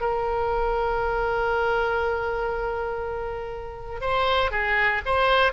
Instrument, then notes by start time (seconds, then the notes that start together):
oboe
0.00 A#4
4.00 C5
4.51 G#4
5.05 C5